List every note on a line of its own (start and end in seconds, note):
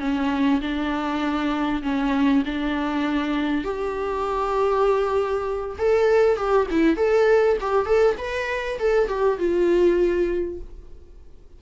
0.00 0.61 C#4
0.61 1.82 D4
1.83 2.43 C#4
2.45 3.64 D4
3.64 5.77 G4
5.79 6.37 A4
6.37 6.67 G4
6.71 6.97 E4
6.97 7.58 A4
7.61 7.86 G4
7.86 8.16 A4
8.18 8.79 B4
8.79 9.08 A4
9.08 9.39 G4
9.39 10.60 F4